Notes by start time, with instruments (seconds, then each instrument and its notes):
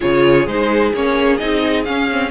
0.00 cello C#3, viola F4, violin G#4 C#5
0.46 cello G#3, viola D#4, violin C5
0.93 cello A#3, viola C#4, violin C#5
1.37 cello C4, viola D#4, violin D#5
1.84 viola C#4, cello C#4, violin F5
2.11 viola C4